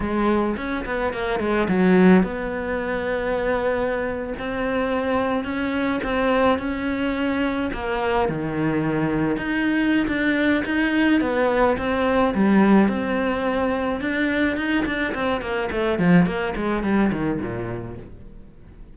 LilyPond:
\new Staff \with { instrumentName = "cello" } { \time 4/4 \tempo 4 = 107 gis4 cis'8 b8 ais8 gis8 fis4 | b2.~ b8. c'16~ | c'4.~ c'16 cis'4 c'4 cis'16~ | cis'4.~ cis'16 ais4 dis4~ dis16~ |
dis8. dis'4~ dis'16 d'4 dis'4 | b4 c'4 g4 c'4~ | c'4 d'4 dis'8 d'8 c'8 ais8 | a8 f8 ais8 gis8 g8 dis8 ais,4 | }